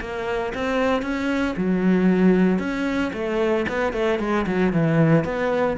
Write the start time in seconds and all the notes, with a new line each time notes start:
0.00 A#3
0.54 C4
1.02 C#4
1.56 F#3
2.59 C#4
3.13 A3
3.68 B3
3.92 A3
4.19 G#3
4.46 F#3
4.72 E3
5.24 B3